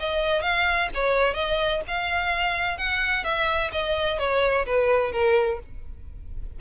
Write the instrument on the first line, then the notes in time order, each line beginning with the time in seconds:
violin
0.00 D#5
0.42 F5
0.95 C#5
1.34 D#5
1.88 F5
2.78 F#5
3.24 E5
3.72 D#5
4.19 C#5
4.66 B4
5.13 A#4